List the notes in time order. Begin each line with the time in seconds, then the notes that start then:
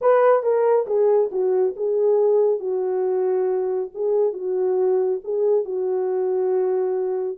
0.01 B4
0.42 A#4
0.86 G#4
1.31 F#4
1.76 G#4
2.59 F#4
3.94 G#4
4.33 F#4
5.24 G#4
5.64 F#4